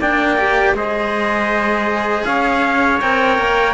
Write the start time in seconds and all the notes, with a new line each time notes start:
0.00 A#3 D4 D5 G5
0.38 G4
0.73 G#3 G#4 C5 D#5
2.25 C#4 C#5 F5
3.01 C4 A#4 G5
3.39 A#3